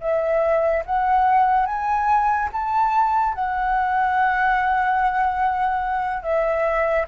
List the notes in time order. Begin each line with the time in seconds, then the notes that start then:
0.00 E5
0.85 F#5
1.66 G#5
2.52 A5
3.34 F#5
6.22 E5